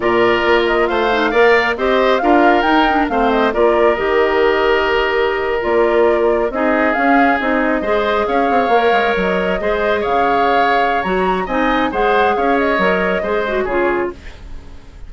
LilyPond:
<<
  \new Staff \with { instrumentName = "flute" } { \time 4/4 \tempo 4 = 136 d''4. dis''8 f''2 | dis''4 f''4 g''4 f''8 dis''8 | d''4 dis''2.~ | dis''8. d''2 dis''4 f''16~ |
f''8. dis''2 f''4~ f''16~ | f''8. dis''2 f''4~ f''16~ | f''4 ais''4 gis''4 fis''4 | f''8 dis''2~ dis''8 cis''4 | }
  \new Staff \with { instrumentName = "oboe" } { \time 4/4 ais'2 c''4 d''4 | c''4 ais'2 c''4 | ais'1~ | ais'2~ ais'8. gis'4~ gis'16~ |
gis'4.~ gis'16 c''4 cis''4~ cis''16~ | cis''4.~ cis''16 c''4 cis''4~ cis''16~ | cis''2 dis''4 c''4 | cis''2 c''4 gis'4 | }
  \new Staff \with { instrumentName = "clarinet" } { \time 4/4 f'2~ f'8 dis'8 ais'4 | g'4 f'4 dis'8 d'8 c'4 | f'4 g'2.~ | g'8. f'2 dis'4 cis'16~ |
cis'8. dis'4 gis'2 ais'16~ | ais'4.~ ais'16 gis'2~ gis'16~ | gis'4 fis'4 dis'4 gis'4~ | gis'4 ais'4 gis'8 fis'8 f'4 | }
  \new Staff \with { instrumentName = "bassoon" } { \time 4/4 ais,4 ais4 a4 ais4 | c'4 d'4 dis'4 a4 | ais4 dis2.~ | dis8. ais2 c'4 cis'16~ |
cis'8. c'4 gis4 cis'8 c'8 ais16~ | ais16 gis8 fis4 gis4 cis4~ cis16~ | cis4 fis4 c'4 gis4 | cis'4 fis4 gis4 cis4 | }
>>